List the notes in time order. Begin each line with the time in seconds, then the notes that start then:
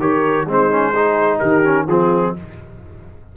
0.00 D#3 G4 A#4 C#5
0.46 G#3 C4 D#4
0.52 C5
0.71 C#4
0.92 D#4 G#4
1.39 D#3 G4 A#4
1.64 C#4
1.87 F3 C4 F4 G#4